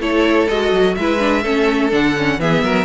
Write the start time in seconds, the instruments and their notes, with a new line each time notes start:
0.00 cello A3, viola E4, violin A4 C#5
0.48 cello G#3, viola F#4, violin D#5
0.72 cello F#3
0.95 cello G#3, viola E4, violin B4 E5
1.19 viola D4
1.42 cello A3, viola C#4, violin A4
1.91 cello D3, viola D4, violin F#5
2.17 viola C#4
2.38 cello E3, viola B3, violin G#4 E5
2.63 cello F#3, violin A#4